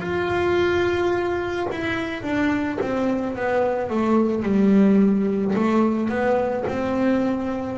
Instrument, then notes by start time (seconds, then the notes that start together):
double bass
0.00 F4
1.71 E4
2.23 D4
2.81 C4
3.36 B3
3.89 A3
4.43 G3
5.55 A3
6.09 B3
6.68 C4